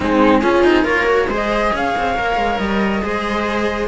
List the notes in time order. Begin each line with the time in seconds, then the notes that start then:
0.00 G#3 C4 D#4 G#4
0.41 C#4 F4
0.63 C4 D#4
0.83 A#3 F4 A#4 C#5
1.06 F#4
1.28 G#3 G#4 C5 D#5
1.71 C#4 C#5 F5
1.97 C4
2.16 A#3 A#4
2.36 G#3
2.58 G3 D#5
3.02 G#3 G#4 C5